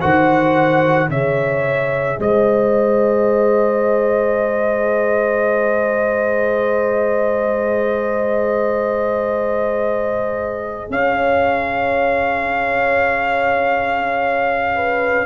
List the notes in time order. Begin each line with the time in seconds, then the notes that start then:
0.00 D#3 F#4 C5 F#5
1.08 C#3 G#4 C#5 E5
2.19 G#3 C5 D#5
10.90 C#4 C#5 F5
14.75 B4